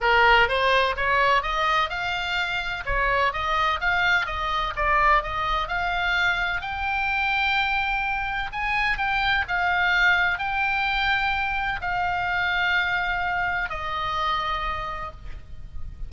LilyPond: \new Staff \with { instrumentName = "oboe" } { \time 4/4 \tempo 4 = 127 ais'4 c''4 cis''4 dis''4 | f''2 cis''4 dis''4 | f''4 dis''4 d''4 dis''4 | f''2 g''2~ |
g''2 gis''4 g''4 | f''2 g''2~ | g''4 f''2.~ | f''4 dis''2. | }